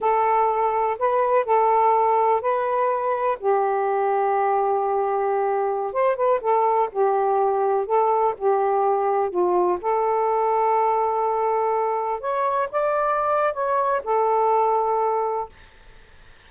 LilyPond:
\new Staff \with { instrumentName = "saxophone" } { \time 4/4 \tempo 4 = 124 a'2 b'4 a'4~ | a'4 b'2 g'4~ | g'1~ | g'16 c''8 b'8 a'4 g'4.~ g'16~ |
g'16 a'4 g'2 f'8.~ | f'16 a'2.~ a'8.~ | a'4~ a'16 cis''4 d''4.~ d''16 | cis''4 a'2. | }